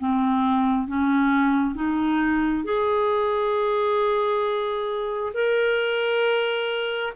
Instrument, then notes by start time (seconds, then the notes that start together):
clarinet
0.00 C4
0.88 C#4
1.75 D#4
2.65 G#4
5.34 A#4